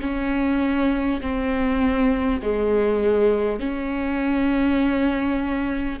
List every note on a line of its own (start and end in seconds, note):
0.00 1.20 C#4
1.21 2.41 C4
2.42 3.59 G#3
3.59 5.99 C#4